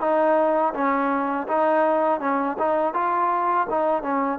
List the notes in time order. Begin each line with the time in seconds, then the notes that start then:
0.00 D#4
0.74 C#4
1.48 D#4
2.20 C#4
2.59 D#4
2.94 F4
3.70 D#4
4.02 C#4